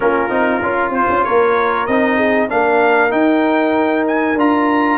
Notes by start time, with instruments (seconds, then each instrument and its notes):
0.00 tuba A#3, trombone C#4, horn F4, trumpet A#4
0.29 tuba C4, trombone D#4
0.62 tuba C#4, trombone F4
0.89 tuba C4, trumpet C5
1.09 tuba C#4
1.24 tuba A#3, horn A#4, trumpet C#5
1.86 tuba C4, trombone D#4, trumpet D#5
2.17 horn G#4
2.48 tuba A#3, trombone D4, horn A#4, trumpet F5
3.09 trombone D#4, tuba D#4, trumpet G5
4.07 trumpet G#5
4.35 tuba D4, trombone F4, trumpet A#5